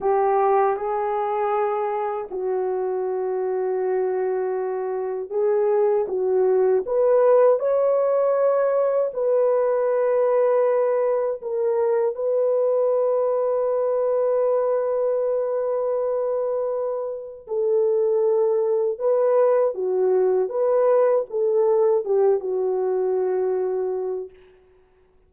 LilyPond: \new Staff \with { instrumentName = "horn" } { \time 4/4 \tempo 4 = 79 g'4 gis'2 fis'4~ | fis'2. gis'4 | fis'4 b'4 cis''2 | b'2. ais'4 |
b'1~ | b'2. a'4~ | a'4 b'4 fis'4 b'4 | a'4 g'8 fis'2~ fis'8 | }